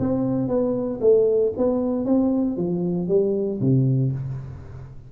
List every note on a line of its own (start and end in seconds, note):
0.00 0.48 C4
0.48 1.00 B3
1.01 1.53 A3
1.58 2.05 B3
2.05 2.57 C4
2.57 3.08 F3
3.08 3.60 G3
3.61 4.12 C3